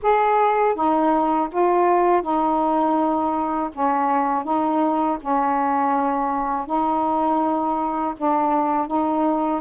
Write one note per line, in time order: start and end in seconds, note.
0.02 0.74 G#4
0.74 1.48 D#4
1.51 2.22 F4
2.22 3.70 D#4
3.73 4.43 C#4
4.43 5.18 D#4
5.20 6.66 C#4
6.66 8.14 D#4
8.17 8.87 D4
8.87 9.61 D#4